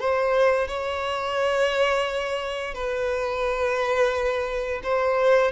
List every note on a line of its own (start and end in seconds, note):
0.00 0.68 C5
0.68 2.75 C#5
2.75 4.82 B4
4.84 5.52 C5